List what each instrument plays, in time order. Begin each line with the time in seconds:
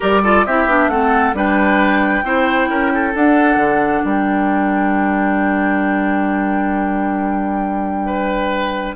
0.00 bassoon G3, clarinet G4, oboe A#4, flute D5
0.23 clarinet F4, oboe A4
0.45 bassoon C4, clarinet E4, oboe G4, flute E5
0.65 bassoon B3, clarinet D4
0.88 bassoon A3, clarinet C4, oboe A4, flute F#5
1.33 bassoon G3, clarinet D4, oboe B4, flute G5
2.23 bassoon C4, clarinet E4, oboe C5
2.69 bassoon C#4, oboe A#4
2.94 oboe A4
3.15 bassoon D4, clarinet D4, flute F#5
3.56 bassoon D3
4.03 bassoon G3, oboe A#4, flute G5
8.06 oboe B4